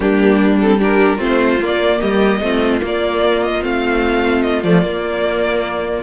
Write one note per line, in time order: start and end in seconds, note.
0.00 1.19 G3
0.00 0.60 A#3
0.00 0.78 D4
0.00 0.58 G4
0.60 0.79 C4
0.60 0.80 A4
0.78 1.18 D4
0.78 1.17 G4
0.78 1.22 A#4
1.17 1.59 A3
1.17 1.58 C4
1.17 1.97 F4
1.23 1.64 C5
1.60 2.01 A#3
1.60 2.42 A#3
1.60 2.00 D5
2.00 2.40 G3
2.00 2.41 G4
2.00 2.81 D#5
2.40 2.80 A3
2.40 2.80 C4
2.40 6.03 F4
2.80 3.60 A#3
2.80 3.64 A#3
2.80 3.43 D5
3.43 3.63 D#5
3.61 4.63 A3
3.61 4.62 C4
3.61 4.42 F5
4.42 4.62 D#5
4.63 4.83 F3
4.63 4.82 A3
4.63 6.03 D5
4.82 6.03 A#3